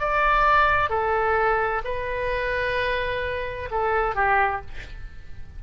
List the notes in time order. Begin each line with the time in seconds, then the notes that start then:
0.00 D5
0.90 A4
1.85 B4
3.71 A4
4.15 G4